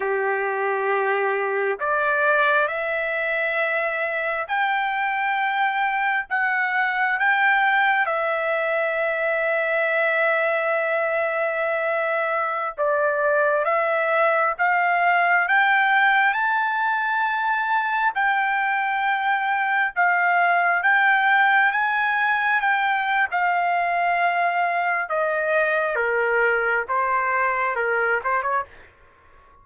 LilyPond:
\new Staff \with { instrumentName = "trumpet" } { \time 4/4 \tempo 4 = 67 g'2 d''4 e''4~ | e''4 g''2 fis''4 | g''4 e''2.~ | e''2~ e''16 d''4 e''8.~ |
e''16 f''4 g''4 a''4.~ a''16~ | a''16 g''2 f''4 g''8.~ | g''16 gis''4 g''8. f''2 | dis''4 ais'4 c''4 ais'8 c''16 cis''16 | }